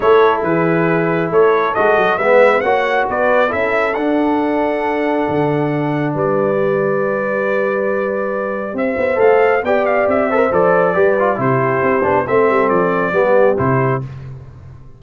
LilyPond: <<
  \new Staff \with { instrumentName = "trumpet" } { \time 4/4 \tempo 4 = 137 cis''4 b'2 cis''4 | dis''4 e''4 fis''4 d''4 | e''4 fis''2.~ | fis''2 d''2~ |
d''1 | e''4 f''4 g''8 f''8 e''4 | d''2 c''2 | e''4 d''2 c''4 | }
  \new Staff \with { instrumentName = "horn" } { \time 4/4 a'4 gis'2 a'4~ | a'4 b'4 cis''4 b'4 | a'1~ | a'2 b'2~ |
b'1 | c''2 d''4. c''8~ | c''4 b'4 g'2 | a'2 g'2 | }
  \new Staff \with { instrumentName = "trombone" } { \time 4/4 e'1 | fis'4 b4 fis'2 | e'4 d'2.~ | d'2. g'4~ |
g'1~ | g'4 a'4 g'4. a'16 ais'16 | a'4 g'8 f'8 e'4. d'8 | c'2 b4 e'4 | }
  \new Staff \with { instrumentName = "tuba" } { \time 4/4 a4 e2 a4 | gis8 fis8 gis4 ais4 b4 | cis'4 d'2. | d2 g2~ |
g1 | c'8 b8 a4 b4 c'4 | f4 g4 c4 c'8 b8 | a8 g8 f4 g4 c4 | }
>>